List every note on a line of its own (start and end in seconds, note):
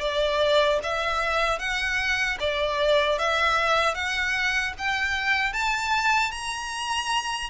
0.00 0.79 D5
0.83 1.59 E5
1.59 2.38 F#5
2.40 3.18 D5
3.18 3.94 E5
3.94 4.73 F#5
4.78 5.53 G5
5.53 6.31 A5
6.31 7.50 A#5